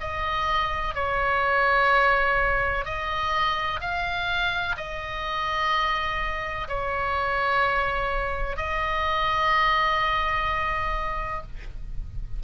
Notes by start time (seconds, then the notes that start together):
0.00 D#5
0.94 C#5
2.85 D#5
3.81 F5
4.77 D#5
6.68 C#5
8.57 D#5